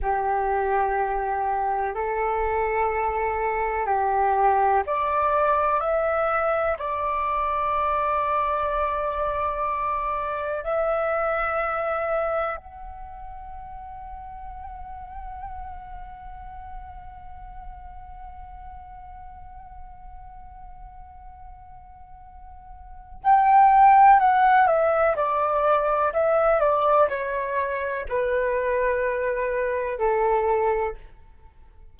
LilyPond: \new Staff \with { instrumentName = "flute" } { \time 4/4 \tempo 4 = 62 g'2 a'2 | g'4 d''4 e''4 d''4~ | d''2. e''4~ | e''4 fis''2.~ |
fis''1~ | fis''1 | g''4 fis''8 e''8 d''4 e''8 d''8 | cis''4 b'2 a'4 | }